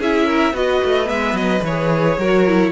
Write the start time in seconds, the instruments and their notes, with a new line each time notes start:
0.00 cello C#4, viola E4, violin G#4 E5
0.27 violin A#4
0.54 cello B3, viola F#4, violin B4 D#5
0.85 cello A3
1.05 cello G#3, viola B3, violin E5
1.34 cello F#3, violin D#5
1.63 cello E3, viola G#4, violin C#5
2.18 cello F#3, viola F#4, violin A#4
2.48 viola E4